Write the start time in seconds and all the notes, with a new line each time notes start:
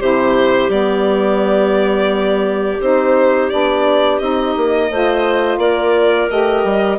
0.00 C3 E4 G4 C5
0.69 G3 B3 D5
2.81 C4 D#4 C5
3.50 B3 D4 D5
4.19 C4 D#4 D#5
4.57 A#3
4.90 A3 F4 C5
5.58 A#3 A#4 D5
6.29 A3 G4 D#5
6.64 G3